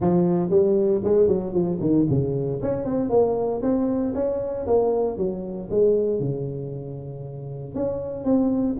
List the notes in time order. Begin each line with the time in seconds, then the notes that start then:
0.00 F3
0.50 G3
1.03 G#3
1.27 F#3
1.53 F3
1.80 D#3
2.09 C#3
2.61 C#4
2.84 C4
3.09 A#3
3.61 C4
4.14 C#4
4.66 A#3
5.17 F#3
5.70 G#3
6.19 C#3
7.74 C#4
8.24 C4